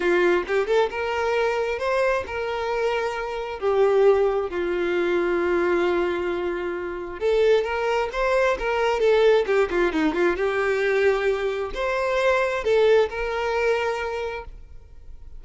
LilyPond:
\new Staff \with { instrumentName = "violin" } { \time 4/4 \tempo 4 = 133 f'4 g'8 a'8 ais'2 | c''4 ais'2. | g'2 f'2~ | f'1 |
a'4 ais'4 c''4 ais'4 | a'4 g'8 f'8 dis'8 f'8 g'4~ | g'2 c''2 | a'4 ais'2. | }